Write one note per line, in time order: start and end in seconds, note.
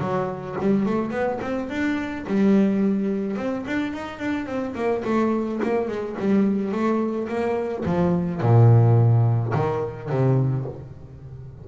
0.00 0.56 F#3
0.61 0.86 G3
0.86 1.11 A3
1.11 1.39 B3
1.41 1.69 C4
1.69 2.25 D4
2.27 3.36 G3
3.36 3.64 C4
3.67 3.94 D4
3.94 4.19 D#4
4.19 4.46 D4
4.46 4.74 C4
4.75 5.03 A#3
5.04 5.60 A3
5.63 5.88 A#3
5.88 6.16 G#3
6.19 6.72 G3
6.72 7.28 A3
7.28 7.84 A#3
7.85 8.41 F3
8.41 9.53 A#2
9.54 10.09 D#3
10.09 10.65 C3